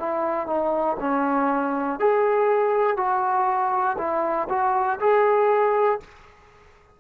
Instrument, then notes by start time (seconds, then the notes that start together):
trombone
0.00 E4
0.47 D#4
1.00 C#4
2.00 G#4
2.97 F#4
3.99 E4
4.50 F#4
5.00 G#4